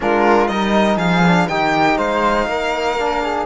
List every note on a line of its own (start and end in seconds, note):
0.00 0.49 G#3
0.00 0.47 D4
0.00 0.51 F4
0.00 0.47 A#4
0.47 0.96 G3
0.47 1.22 D#4
0.47 0.96 A#4
0.47 0.97 D#5
0.96 1.46 F3
0.96 1.46 G#4
0.96 1.48 F5
1.25 1.49 D4
1.48 1.97 D#3
1.48 2.98 D#4
1.48 1.97 G4
1.48 1.97 G5
1.97 2.46 G#3
1.97 2.47 C5
1.97 3.46 F5
2.46 3.46 A#3
2.46 3.21 A#4
2.98 3.46 D4
3.21 3.46 G#4